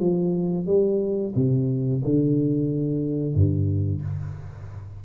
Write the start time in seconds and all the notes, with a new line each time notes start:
0.00 F3
0.67 G3
1.36 C3
2.05 D3
3.35 G2